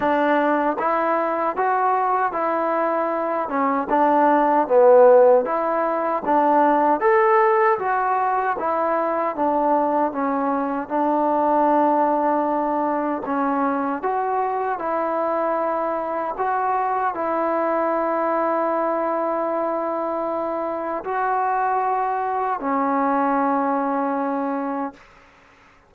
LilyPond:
\new Staff \with { instrumentName = "trombone" } { \time 4/4 \tempo 4 = 77 d'4 e'4 fis'4 e'4~ | e'8 cis'8 d'4 b4 e'4 | d'4 a'4 fis'4 e'4 | d'4 cis'4 d'2~ |
d'4 cis'4 fis'4 e'4~ | e'4 fis'4 e'2~ | e'2. fis'4~ | fis'4 cis'2. | }